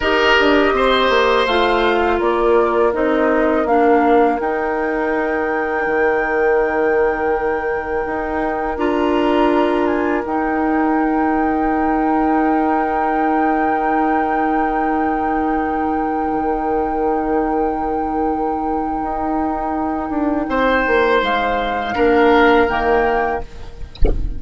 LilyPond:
<<
  \new Staff \with { instrumentName = "flute" } { \time 4/4 \tempo 4 = 82 dis''2 f''4 d''4 | dis''4 f''4 g''2~ | g''1 | ais''4. gis''8 g''2~ |
g''1~ | g''1~ | g''1~ | g''4 f''2 g''4 | }
  \new Staff \with { instrumentName = "oboe" } { \time 4/4 ais'4 c''2 ais'4~ | ais'1~ | ais'1~ | ais'1~ |
ais'1~ | ais'1~ | ais'1 | c''2 ais'2 | }
  \new Staff \with { instrumentName = "clarinet" } { \time 4/4 g'2 f'2 | dis'4 d'4 dis'2~ | dis'1 | f'2 dis'2~ |
dis'1~ | dis'1~ | dis'1~ | dis'2 d'4 ais4 | }
  \new Staff \with { instrumentName = "bassoon" } { \time 4/4 dis'8 d'8 c'8 ais8 a4 ais4 | c'4 ais4 dis'2 | dis2. dis'4 | d'2 dis'2~ |
dis'1~ | dis'2~ dis'16 dis4.~ dis16~ | dis2 dis'4. d'8 | c'8 ais8 gis4 ais4 dis4 | }
>>